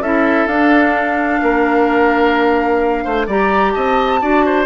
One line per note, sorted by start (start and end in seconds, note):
0.00 0.47 C#4
0.00 0.49 E4
0.00 1.41 A4
0.00 0.47 E5
0.47 1.40 D4
0.47 3.28 D4
0.47 3.26 F5
1.42 3.06 A#3
1.42 3.04 A#4
3.04 3.28 A3
3.04 3.27 C5
3.27 3.74 G3
3.27 4.21 G4
3.27 3.73 D5
3.27 3.72 A#5
3.72 4.22 C4
3.72 4.20 D#5
3.72 4.65 A5
4.21 4.66 D4
4.21 4.66 F#4
4.21 4.45 D5
4.45 4.66 C5